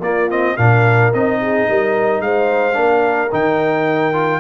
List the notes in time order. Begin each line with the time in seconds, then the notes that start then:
0.00 A#3 F4 D5
0.30 C4 D#5
0.56 A#2 D4 A#4 F5
1.13 C4 D#4 D#5
1.41 G#4
1.68 G3 A#4
2.20 G#3 C5 F5
2.74 A#3 D4 A#4
3.32 D#3 D#4 G5
4.13 F4